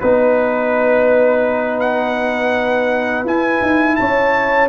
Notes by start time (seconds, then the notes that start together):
0.00 B3 D#4 B4
1.80 F#5
3.25 E4 G#5
3.62 D#4
3.96 C#4 C#5 A5